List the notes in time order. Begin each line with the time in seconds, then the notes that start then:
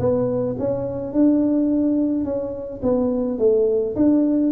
0.00 B3
0.59 C#4
1.13 D4
2.25 C#4
2.83 B3
3.39 A3
3.96 D4